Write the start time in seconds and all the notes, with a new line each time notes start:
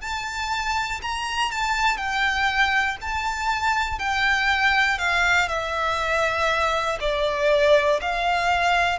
0.00 A5
1.02 A#5
1.50 A5
1.97 G5
3.01 A5
3.99 G5
4.98 F5
5.48 E5
7.00 D5
8.01 F5